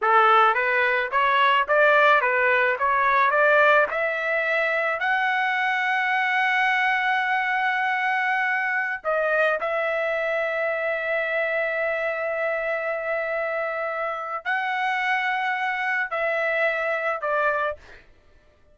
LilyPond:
\new Staff \with { instrumentName = "trumpet" } { \time 4/4 \tempo 4 = 108 a'4 b'4 cis''4 d''4 | b'4 cis''4 d''4 e''4~ | e''4 fis''2.~ | fis''1~ |
fis''16 dis''4 e''2~ e''8.~ | e''1~ | e''2 fis''2~ | fis''4 e''2 d''4 | }